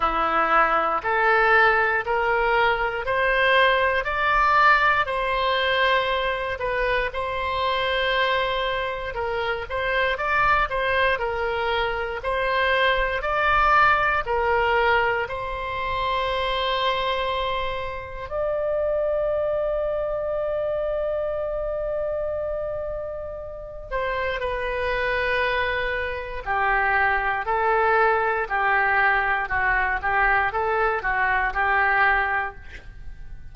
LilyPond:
\new Staff \with { instrumentName = "oboe" } { \time 4/4 \tempo 4 = 59 e'4 a'4 ais'4 c''4 | d''4 c''4. b'8 c''4~ | c''4 ais'8 c''8 d''8 c''8 ais'4 | c''4 d''4 ais'4 c''4~ |
c''2 d''2~ | d''2.~ d''8 c''8 | b'2 g'4 a'4 | g'4 fis'8 g'8 a'8 fis'8 g'4 | }